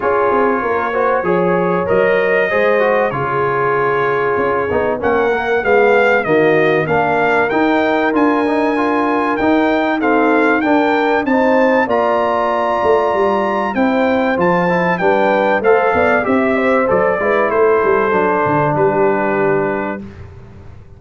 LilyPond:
<<
  \new Staff \with { instrumentName = "trumpet" } { \time 4/4 \tempo 4 = 96 cis''2. dis''4~ | dis''4 cis''2. | fis''4 f''4 dis''4 f''4 | g''4 gis''2 g''4 |
f''4 g''4 a''4 ais''4~ | ais''2 g''4 a''4 | g''4 f''4 e''4 d''4 | c''2 b'2 | }
  \new Staff \with { instrumentName = "horn" } { \time 4/4 gis'4 ais'8 c''8 cis''2 | c''4 gis'2. | ais'4 gis'4 fis'4 ais'4~ | ais'1 |
a'4 ais'4 c''4 d''4~ | d''2 c''2 | b'4 c''8 d''8 e''8 c''4 b'8 | a'2 g'2 | }
  \new Staff \with { instrumentName = "trombone" } { \time 4/4 f'4. fis'8 gis'4 ais'4 | gis'8 fis'8 f'2~ f'8 dis'8 | cis'8 ais8 b4 ais4 d'4 | dis'4 f'8 dis'8 f'4 dis'4 |
c'4 d'4 dis'4 f'4~ | f'2 e'4 f'8 e'8 | d'4 a'4 g'4 a'8 e'8~ | e'4 d'2. | }
  \new Staff \with { instrumentName = "tuba" } { \time 4/4 cis'8 c'8 ais4 f4 fis4 | gis4 cis2 cis'8 b8 | ais4 gis4 dis4 ais4 | dis'4 d'2 dis'4~ |
dis'4 d'4 c'4 ais4~ | ais8 a8 g4 c'4 f4 | g4 a8 b8 c'4 fis8 gis8 | a8 g8 fis8 d8 g2 | }
>>